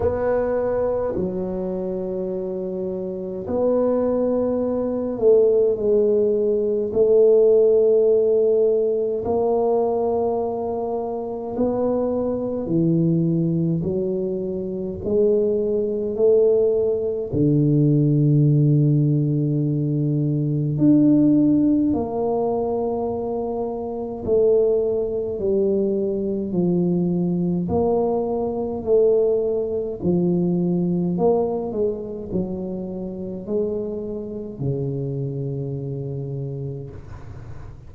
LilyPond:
\new Staff \with { instrumentName = "tuba" } { \time 4/4 \tempo 4 = 52 b4 fis2 b4~ | b8 a8 gis4 a2 | ais2 b4 e4 | fis4 gis4 a4 d4~ |
d2 d'4 ais4~ | ais4 a4 g4 f4 | ais4 a4 f4 ais8 gis8 | fis4 gis4 cis2 | }